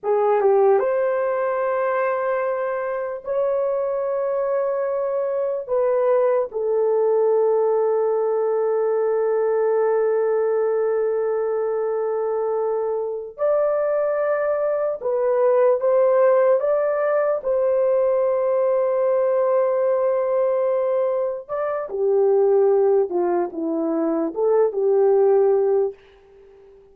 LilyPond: \new Staff \with { instrumentName = "horn" } { \time 4/4 \tempo 4 = 74 gis'8 g'8 c''2. | cis''2. b'4 | a'1~ | a'1~ |
a'8 d''2 b'4 c''8~ | c''8 d''4 c''2~ c''8~ | c''2~ c''8 d''8 g'4~ | g'8 f'8 e'4 a'8 g'4. | }